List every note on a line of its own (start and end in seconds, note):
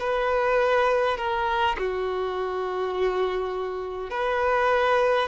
0.00 1.18 B4
1.18 1.76 A#4
1.79 4.11 F#4
4.11 5.28 B4